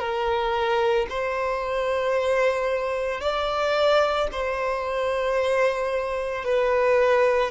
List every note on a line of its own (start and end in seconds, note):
0.00 1.07 A#4
1.10 3.21 C5
3.21 4.28 D5
4.32 6.45 C5
6.45 7.51 B4